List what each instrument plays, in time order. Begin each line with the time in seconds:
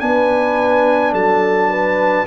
0.00 tuba B3, trombone D4, horn B4, trumpet G#5
1.13 tuba F#3, horn A4, trumpet A5
1.70 horn B4